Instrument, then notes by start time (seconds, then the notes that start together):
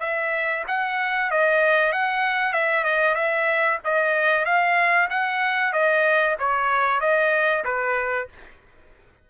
trumpet
0.00 E5
0.68 F#5
1.31 D#5
1.92 F#5
2.53 E5
2.84 D#5
3.15 E5
3.84 D#5
4.45 F5
5.10 F#5
5.73 D#5
6.39 C#5
7.00 D#5
7.65 B4